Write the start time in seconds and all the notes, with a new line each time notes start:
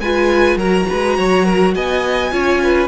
0.00 G#3 F4 B4 G#5
0.57 F#3 F#4 A#4 A#5
0.89 G#3 B4
1.18 F#3 C#5
1.46 A#4
1.75 B3 D#5 G#5
2.32 C#4 F4 C#5
2.62 B4